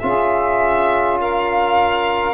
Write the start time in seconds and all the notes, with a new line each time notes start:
0.00 C#4 F4 G#4 E5
1.20 A#4 F5